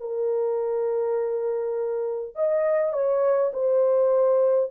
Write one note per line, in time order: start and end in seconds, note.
0.00 2.35 A#4
2.35 2.93 D#5
2.93 3.51 C#5
3.53 4.71 C5